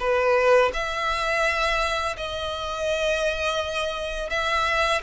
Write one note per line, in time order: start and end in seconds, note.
0.00 0.71 B4
0.74 2.17 E5
2.18 4.30 D#5
4.30 5.02 E5